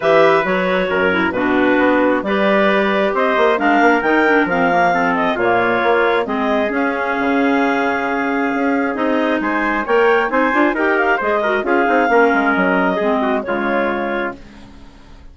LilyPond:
<<
  \new Staff \with { instrumentName = "clarinet" } { \time 4/4 \tempo 4 = 134 e''4 cis''2 b'4~ | b'4 d''2 dis''4 | f''4 g''4 f''4. dis''8 | cis''2 dis''4 f''4~ |
f''1 | dis''4 gis''4 g''4 gis''4 | g''8 f''8 dis''4 f''2 | dis''2 cis''2 | }
  \new Staff \with { instrumentName = "trumpet" } { \time 4/4 b'2 ais'4 fis'4~ | fis'4 b'2 c''4 | ais'2. a'4 | f'2 gis'2~ |
gis'1~ | gis'4 c''4 cis''4 c''4 | ais'4 c''8 ais'8 gis'4 ais'4~ | ais'4 gis'8 fis'8 f'2 | }
  \new Staff \with { instrumentName = "clarinet" } { \time 4/4 g'4 fis'4. e'8 d'4~ | d'4 g'2. | d'4 dis'8 d'8 c'8 ais8 c'4 | ais2 c'4 cis'4~ |
cis'1 | dis'2 ais'4 dis'8 f'8 | g'4 gis'8 fis'8 f'8 dis'8 cis'4~ | cis'4 c'4 gis2 | }
  \new Staff \with { instrumentName = "bassoon" } { \time 4/4 e4 fis4 fis,4 b,4 | b4 g2 c'8 ais8 | gis8 ais8 dis4 f2 | ais,4 ais4 gis4 cis'4 |
cis2. cis'4 | c'4 gis4 ais4 c'8 d'8 | dis'4 gis4 cis'8 c'8 ais8 gis8 | fis4 gis4 cis2 | }
>>